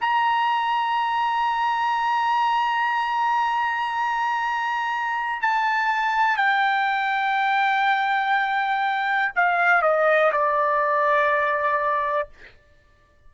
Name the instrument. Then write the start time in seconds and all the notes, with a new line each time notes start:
trumpet
0.00 A#5
5.41 A5
6.37 G5
9.35 F5
9.82 D#5
10.31 D5